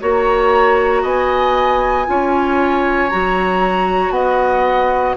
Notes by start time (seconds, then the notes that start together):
0.00 A#3 F#4 C#5 A#5
1.02 B3 D#5 G#5
2.06 C#4 F4 C#5
3.09 F#3 F#4 A#5
4.10 B3 D#5 F#5